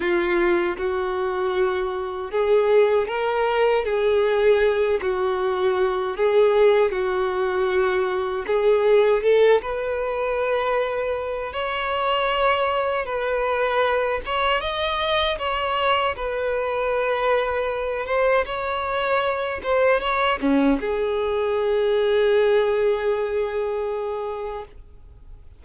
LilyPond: \new Staff \with { instrumentName = "violin" } { \time 4/4 \tempo 4 = 78 f'4 fis'2 gis'4 | ais'4 gis'4. fis'4. | gis'4 fis'2 gis'4 | a'8 b'2~ b'8 cis''4~ |
cis''4 b'4. cis''8 dis''4 | cis''4 b'2~ b'8 c''8 | cis''4. c''8 cis''8 cis'8 gis'4~ | gis'1 | }